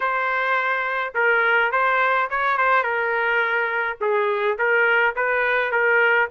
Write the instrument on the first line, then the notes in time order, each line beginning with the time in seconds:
trumpet
0.00 C5
1.14 A#4
1.71 C5
2.30 C#5
2.57 C5
2.83 A#4
4.01 G#4
4.58 A#4
5.15 B4
5.71 A#4